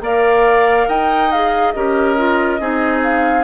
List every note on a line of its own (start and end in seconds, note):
0.00 0.86 A#3
0.00 1.29 A#4
0.00 0.87 D5
0.00 0.88 F5
0.87 1.74 D#4
0.87 1.73 D#5
0.87 1.31 G5
1.31 1.74 G#4
1.31 1.71 F5
1.71 2.59 C#4
1.71 2.16 G4
1.71 2.60 A#4
1.71 3.00 D#5
2.16 2.59 F4
2.59 3.44 C4
2.59 3.44 D#4
2.59 3.44 G#4
3.03 3.44 F5